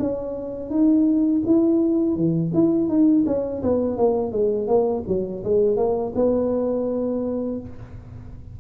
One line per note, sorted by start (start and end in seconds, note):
0.00 0.70 C#4
0.70 1.43 D#4
1.46 2.16 E4
2.16 2.52 E3
2.54 2.88 E4
2.88 3.25 D#4
3.27 3.63 C#4
3.63 3.97 B3
3.97 4.32 A#3
4.32 4.68 G#3
4.68 5.04 A#3
5.08 5.44 F#3
5.44 5.77 G#3
5.77 6.13 A#3
6.15 7.60 B3